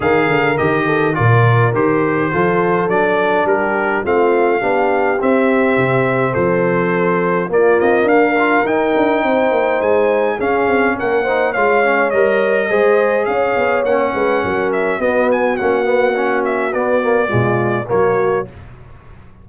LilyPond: <<
  \new Staff \with { instrumentName = "trumpet" } { \time 4/4 \tempo 4 = 104 f''4 dis''4 d''4 c''4~ | c''4 d''4 ais'4 f''4~ | f''4 e''2 c''4~ | c''4 d''8 dis''8 f''4 g''4~ |
g''4 gis''4 f''4 fis''4 | f''4 dis''2 f''4 | fis''4. e''8 dis''8 gis''8 fis''4~ | fis''8 e''8 d''2 cis''4 | }
  \new Staff \with { instrumentName = "horn" } { \time 4/4 ais'4. a'8 ais'2 | a'2 g'4 f'4 | g'2. a'4~ | a'4 f'4 ais'2 |
c''2 gis'4 ais'8 c''8 | cis''2 c''4 cis''4~ | cis''8 b'8 ais'4 fis'2~ | fis'2 f'4 fis'4 | }
  \new Staff \with { instrumentName = "trombone" } { \time 4/4 gis'4 g'4 f'4 g'4 | f'4 d'2 c'4 | d'4 c'2.~ | c'4 ais4. f'8 dis'4~ |
dis'2 cis'4. dis'8 | f'8 cis'8 ais'4 gis'2 | cis'2 b4 cis'8 b8 | cis'4 b8 ais8 gis4 ais4 | }
  \new Staff \with { instrumentName = "tuba" } { \time 4/4 dis8 d8 dis4 ais,4 dis4 | f4 fis4 g4 a4 | b4 c'4 c4 f4~ | f4 ais8 c'8 d'4 dis'8 d'8 |
c'8 ais8 gis4 cis'8 c'8 ais4 | gis4 g4 gis4 cis'8 b8 | ais8 gis8 fis4 b4 ais4~ | ais4 b4 b,4 fis4 | }
>>